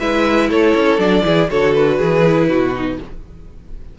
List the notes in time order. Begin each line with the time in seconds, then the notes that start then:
0.00 G#3 E4 B4 E5
0.49 A3 A4 C#5
0.76 C#4
0.99 F#3 D4 D5
1.23 E3 E4 G#4
1.49 D3 F#4 A4 C#5
1.74 B4
1.98 E3 G#4
2.26 E4
2.49 B2 F#4
2.75 D#4